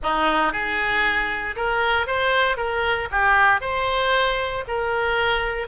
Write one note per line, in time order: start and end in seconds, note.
0.02 0.52 D#4
0.52 1.55 G#4
1.56 2.07 A#4
2.07 2.56 C5
2.56 3.08 A#4
3.11 3.61 G4
3.61 4.64 C5
4.67 5.67 A#4